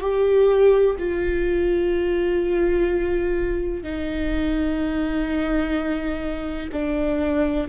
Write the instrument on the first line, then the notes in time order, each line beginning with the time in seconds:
viola
0.00 G4
0.98 F4
3.83 D#4
6.72 D4